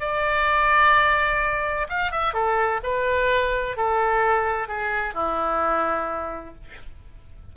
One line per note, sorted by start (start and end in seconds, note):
0.00 1.87 D5
1.89 2.12 F5
2.12 2.34 E5
2.34 2.81 A4
2.83 3.77 B4
3.77 4.68 A4
4.68 5.14 G#4
5.14 6.55 E4